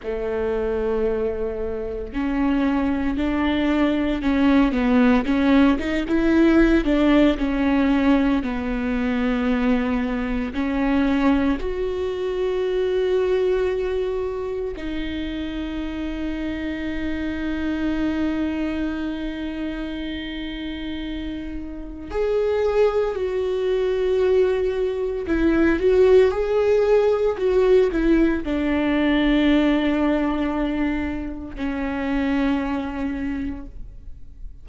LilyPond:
\new Staff \with { instrumentName = "viola" } { \time 4/4 \tempo 4 = 57 a2 cis'4 d'4 | cis'8 b8 cis'8 dis'16 e'8. d'8 cis'4 | b2 cis'4 fis'4~ | fis'2 dis'2~ |
dis'1~ | dis'4 gis'4 fis'2 | e'8 fis'8 gis'4 fis'8 e'8 d'4~ | d'2 cis'2 | }